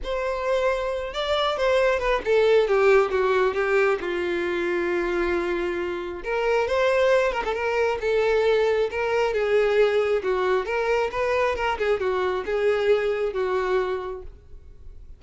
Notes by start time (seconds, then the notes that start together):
0.03 C5
1.13 D5
1.57 C5
1.99 B4
2.24 A4
2.67 G4
3.10 F#4
3.54 G4
4.00 F4
6.23 A#4
6.67 C5
7.32 A#4
7.44 A4
7.54 A#4
8.01 A4
8.90 A#4
9.33 G#4
10.23 F#4
10.65 A#4
11.11 B4
11.55 A#4
11.78 G#4
12.00 F#4
12.45 G#4
13.33 F#4